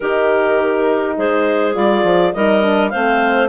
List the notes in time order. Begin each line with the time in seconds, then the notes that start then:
0.00 D#3 D#4 G4 A#4
1.16 G#3 G#4 C5
1.74 G3 F4 D5
2.03 F3
2.33 G3 D#4 A#4 D#5
2.62 D4
2.89 A3 C4 C5 F5